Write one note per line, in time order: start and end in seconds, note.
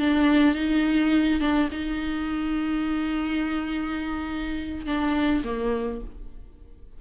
0.00 0.55 D4
0.55 1.41 D#4
1.41 1.69 D4
1.72 4.86 D#4
4.87 5.44 D4
5.44 6.02 A#3